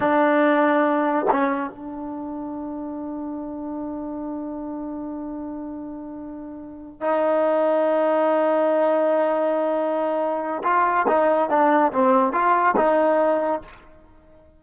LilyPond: \new Staff \with { instrumentName = "trombone" } { \time 4/4 \tempo 4 = 141 d'2. cis'4 | d'1~ | d'1~ | d'1~ |
d'8 dis'2.~ dis'8~ | dis'1~ | dis'4 f'4 dis'4 d'4 | c'4 f'4 dis'2 | }